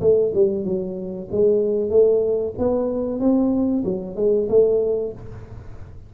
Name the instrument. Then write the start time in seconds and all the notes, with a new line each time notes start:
tuba
0.00 A3
0.34 G3
0.64 F#3
1.31 G#3
1.89 A3
2.58 B3
3.19 C4
3.84 F#3
4.15 G#3
4.49 A3